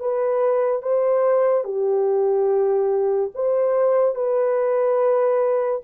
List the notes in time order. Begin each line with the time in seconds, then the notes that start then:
0.00 B4
0.82 C5
1.64 G4
3.34 C5
4.15 B4